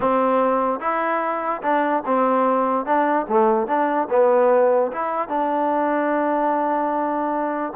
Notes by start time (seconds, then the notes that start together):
0.00 C4
0.80 E4
1.62 D4
2.05 C4
2.85 D4
3.28 A3
3.67 D4
4.09 B3
4.92 E4
5.28 D4